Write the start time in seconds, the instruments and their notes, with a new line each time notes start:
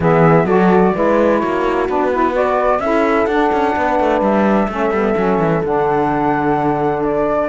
0.00 cello E3, saxophone B3, horn G#4, flute E5
0.44 cello F#3, saxophone F#4, horn A4, flute D5
0.94 cello G#3, saxophone E4, horn B4
1.39 cello A#3, horn F#4, flute C#5
1.88 cello B3, saxophone D4, flute B4
2.11 saxophone E4
2.32 saxophone F#4, horn B4, flute D5
2.79 cello C#4, saxophone E4, horn A4, flute E5
3.25 cello D4, saxophone D4, flute F#5
3.52 cello C#4
3.76 cello B3, horn B4
3.99 cello A3
4.20 cello G3, flute E5
4.68 cello A3, saxophone C#4, horn A4
4.90 cello G3, saxophone B3
5.16 cello F#3, saxophone C#4
5.38 cello E3
5.63 cello D3, saxophone D4, flute F#5
7.03 flute D5